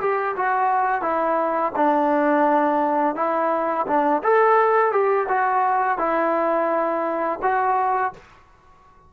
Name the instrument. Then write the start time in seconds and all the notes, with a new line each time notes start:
trombone
0.00 G4
0.36 F#4
1.01 E4
1.76 D4
3.15 E4
3.86 D4
4.23 A4
4.92 G4
5.28 F#4
5.98 E4
7.42 F#4